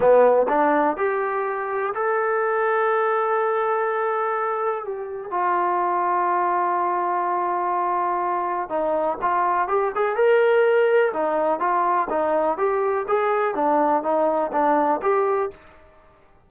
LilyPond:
\new Staff \with { instrumentName = "trombone" } { \time 4/4 \tempo 4 = 124 b4 d'4 g'2 | a'1~ | a'2 g'4 f'4~ | f'1~ |
f'2 dis'4 f'4 | g'8 gis'8 ais'2 dis'4 | f'4 dis'4 g'4 gis'4 | d'4 dis'4 d'4 g'4 | }